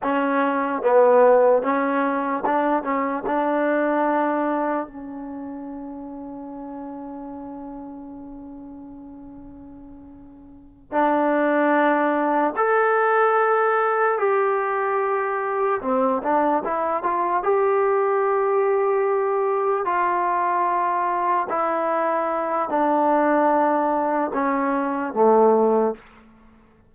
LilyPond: \new Staff \with { instrumentName = "trombone" } { \time 4/4 \tempo 4 = 74 cis'4 b4 cis'4 d'8 cis'8 | d'2 cis'2~ | cis'1~ | cis'4. d'2 a'8~ |
a'4. g'2 c'8 | d'8 e'8 f'8 g'2~ g'8~ | g'8 f'2 e'4. | d'2 cis'4 a4 | }